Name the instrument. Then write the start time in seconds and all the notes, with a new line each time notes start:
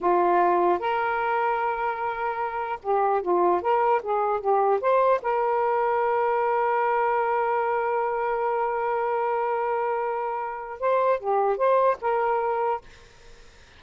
saxophone
0.00 F4
0.79 A#4
2.82 G4
3.21 F4
3.61 A#4
4.02 G#4
4.40 G4
4.81 C5
5.21 A#4
10.80 C5
11.19 G4
11.57 C5
12.01 A#4